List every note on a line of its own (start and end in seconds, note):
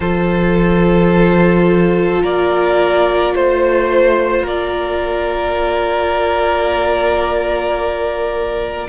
0.00 2.21 F3
0.00 8.88 F4
0.00 2.22 A4
0.00 2.22 C5
2.22 3.34 A#3
2.22 3.34 A#4
2.22 3.35 D5
3.34 4.42 A3
3.34 4.46 C5
3.34 4.43 C5
4.42 8.87 A#3
4.42 8.87 A#4
4.42 8.88 D5